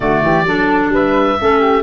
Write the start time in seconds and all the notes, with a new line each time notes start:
0.00 D3 A3 F#4 D5
0.23 E3 G4
0.43 F#3 D4 A4
0.89 G3 B4 E5
1.39 A3 C#4 A4
1.59 G4